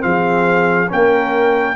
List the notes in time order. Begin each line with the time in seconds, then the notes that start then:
0.00 F3 C4 G#4 F5
0.89 A#3 C#4 A#4 G5